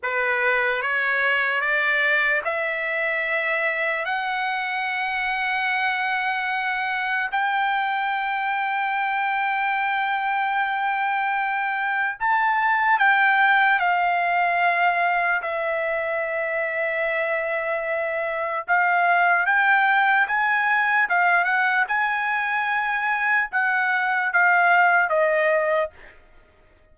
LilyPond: \new Staff \with { instrumentName = "trumpet" } { \time 4/4 \tempo 4 = 74 b'4 cis''4 d''4 e''4~ | e''4 fis''2.~ | fis''4 g''2.~ | g''2. a''4 |
g''4 f''2 e''4~ | e''2. f''4 | g''4 gis''4 f''8 fis''8 gis''4~ | gis''4 fis''4 f''4 dis''4 | }